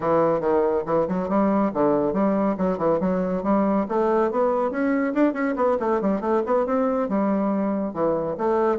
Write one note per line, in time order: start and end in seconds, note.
0.00 0.40 E3
0.40 0.83 D#3
0.86 1.07 E3
1.08 1.29 F#3
1.29 1.71 G3
1.73 2.13 D3
2.13 2.56 G3
2.57 2.78 F#3
2.78 2.99 E3
3.00 3.43 F#3
3.43 3.86 G3
3.88 4.31 A3
4.31 4.70 B3
4.70 5.13 C#4
5.14 5.33 D4
5.33 5.54 C#4
5.56 5.77 B3
5.79 6.01 A3
6.01 6.20 G3
6.20 6.42 A3
6.45 6.66 B3
6.66 7.09 C4
7.09 7.93 G3
7.93 8.36 E3
8.37 8.79 A3